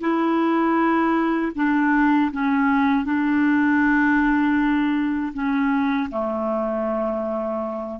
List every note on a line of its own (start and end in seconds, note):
0.00 1.52 E4
1.55 2.31 D4
2.32 3.05 C#4
3.05 5.33 D4
5.33 6.09 C#4
6.10 8.00 A3